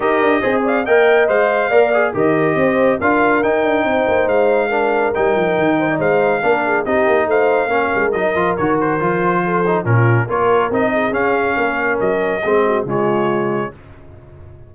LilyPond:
<<
  \new Staff \with { instrumentName = "trumpet" } { \time 4/4 \tempo 4 = 140 dis''4. f''8 g''4 f''4~ | f''4 dis''2 f''4 | g''2 f''2 | g''2 f''2 |
dis''4 f''2 dis''4 | cis''8 c''2~ c''8 ais'4 | cis''4 dis''4 f''2 | dis''2 cis''2 | }
  \new Staff \with { instrumentName = "horn" } { \time 4/4 ais'4 c''8 d''8 dis''2 | d''4 ais'4 c''4 ais'4~ | ais'4 c''2 ais'4~ | ais'4. c''16 d''16 c''4 ais'8 gis'8 |
g'4 c''4 ais'2~ | ais'2 a'4 f'4 | ais'4. gis'4. ais'4~ | ais'4 gis'8 fis'8 f'2 | }
  \new Staff \with { instrumentName = "trombone" } { \time 4/4 g'4 gis'4 ais'4 c''4 | ais'8 gis'8 g'2 f'4 | dis'2. d'4 | dis'2. d'4 |
dis'2 cis'4 dis'8 f'8 | fis'4 f'4. dis'8 cis'4 | f'4 dis'4 cis'2~ | cis'4 c'4 gis2 | }
  \new Staff \with { instrumentName = "tuba" } { \time 4/4 dis'8 d'8 c'4 ais4 gis4 | ais4 dis4 c'4 d'4 | dis'8 d'8 c'8 ais8 gis2 | g8 f8 dis4 gis4 ais4 |
c'8 ais8 a4 ais8 gis8 fis8 f8 | dis4 f2 ais,4 | ais4 c'4 cis'4 ais4 | fis4 gis4 cis2 | }
>>